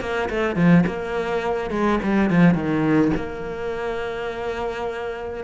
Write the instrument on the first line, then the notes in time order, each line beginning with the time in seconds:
cello
0.00 A#3
0.29 A3
0.55 F3
0.86 A#3
1.70 G#3
2.03 G3
2.30 F3
2.54 D#3
3.16 A#3